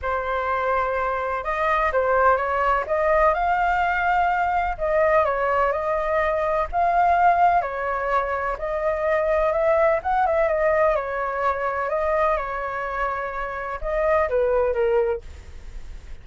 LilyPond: \new Staff \with { instrumentName = "flute" } { \time 4/4 \tempo 4 = 126 c''2. dis''4 | c''4 cis''4 dis''4 f''4~ | f''2 dis''4 cis''4 | dis''2 f''2 |
cis''2 dis''2 | e''4 fis''8 e''8 dis''4 cis''4~ | cis''4 dis''4 cis''2~ | cis''4 dis''4 b'4 ais'4 | }